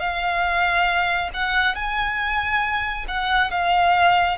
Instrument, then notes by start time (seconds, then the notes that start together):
violin
0.00 F5
1.34 F#5
1.75 G#5
3.09 F#5
3.51 F5